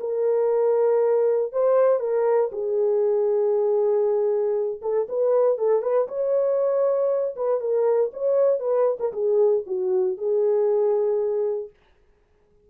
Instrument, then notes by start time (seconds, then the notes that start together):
horn
0.00 A#4
1.53 C5
2.00 A#4
2.52 G#4
4.82 A4
5.09 B4
5.58 A4
5.82 B4
6.08 C#5
7.36 B4
7.60 A#4
8.14 C#5
8.60 B4
9.00 A#4
9.13 G#4
9.67 F#4
10.18 G#4